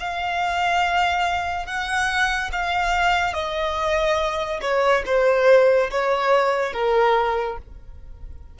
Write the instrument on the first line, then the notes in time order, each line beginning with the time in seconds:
violin
0.00 F5
1.66 F#5
2.52 F5
3.34 D#5
4.62 C#5
5.06 C5
5.91 C#5
6.73 A#4